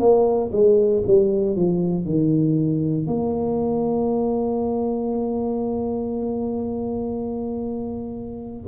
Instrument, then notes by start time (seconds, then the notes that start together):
tuba
0.00 A#3
0.52 G#3
1.07 G3
1.56 F3
2.05 D#3
3.07 A#3